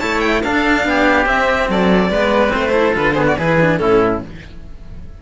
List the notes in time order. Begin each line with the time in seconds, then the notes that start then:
0.00 A3 E4 C#5 A5
0.21 G5
0.43 D4 A4 F5
0.85 B3 G4
1.26 C4 E5
1.69 F#3 A4 D5
2.10 G#3 B3 B4
2.49 A3 C4 C5
2.72 E4 A4
2.94 D3 F4 B4
3.13 B3 G#4 C5
3.26 F#4 D5
3.38 E3 E4 G#4 B4
3.61 D4
3.78 A2 C#4 E4 A4